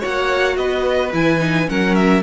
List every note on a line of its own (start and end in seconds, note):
0.00 0.57 A#3
0.00 1.11 F#4
0.00 0.55 C#5
0.00 0.57 F#5
0.57 1.12 B3
0.57 1.69 B4
0.57 1.12 D#5
1.13 1.69 E3
1.13 1.40 E4
1.13 1.70 G#5
1.40 1.67 D#4
1.68 2.24 F#3
1.68 2.23 C#4
1.68 2.24 A#4
1.68 1.95 F#5
1.95 2.23 E5